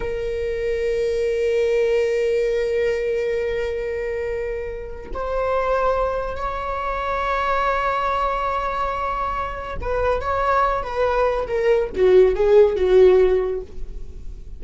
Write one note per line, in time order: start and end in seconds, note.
0.00 5.11 A#4
5.13 6.36 C5
6.36 9.77 C#5
9.80 10.21 B4
10.21 10.82 C#5
10.82 11.46 B4
11.47 11.89 A#4
11.95 12.35 F#4
12.35 12.76 G#4
12.76 13.61 F#4